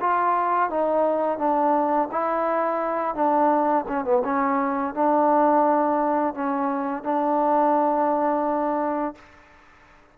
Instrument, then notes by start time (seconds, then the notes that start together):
trombone
0.00 F4
0.70 D#4
1.38 D4
2.11 E4
3.14 D4
3.88 C#4
4.04 B3
4.24 C#4
4.94 D4
6.34 C#4
7.03 D4